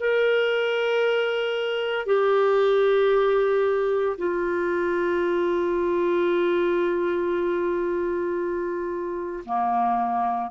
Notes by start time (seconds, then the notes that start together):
0.00 A#4
2.06 G4
4.18 F4
9.45 A#3